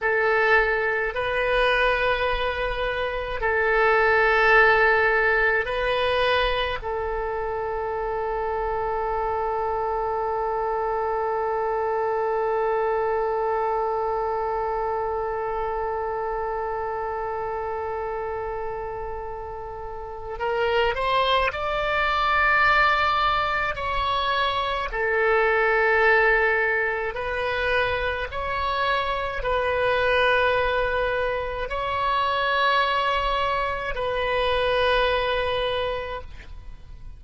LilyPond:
\new Staff \with { instrumentName = "oboe" } { \time 4/4 \tempo 4 = 53 a'4 b'2 a'4~ | a'4 b'4 a'2~ | a'1~ | a'1~ |
a'2 ais'8 c''8 d''4~ | d''4 cis''4 a'2 | b'4 cis''4 b'2 | cis''2 b'2 | }